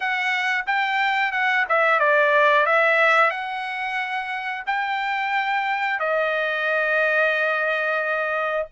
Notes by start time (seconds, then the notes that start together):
0.00 F#5
0.66 G5
1.32 F#5
1.68 E5
1.99 D5
2.65 E5
3.30 F#5
4.66 G5
5.99 D#5